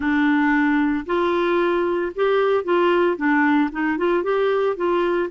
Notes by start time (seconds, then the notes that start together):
0.00 D4
1.06 F4
2.15 G4
2.64 F4
3.16 D4
3.71 D#4
3.97 F4
4.23 G4
4.76 F4